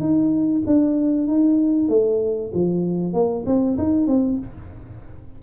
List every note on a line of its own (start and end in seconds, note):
0.00 0.62 D#4
0.66 1.28 D4
1.28 1.89 D#4
1.89 2.51 A3
2.54 3.14 F3
3.14 3.45 A#3
3.46 3.77 C4
3.78 4.07 D#4
4.07 4.38 C4